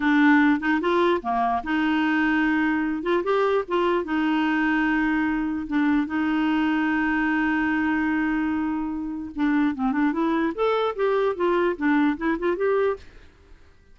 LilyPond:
\new Staff \with { instrumentName = "clarinet" } { \time 4/4 \tempo 4 = 148 d'4. dis'8 f'4 ais4 | dis'2.~ dis'8 f'8 | g'4 f'4 dis'2~ | dis'2 d'4 dis'4~ |
dis'1~ | dis'2. d'4 | c'8 d'8 e'4 a'4 g'4 | f'4 d'4 e'8 f'8 g'4 | }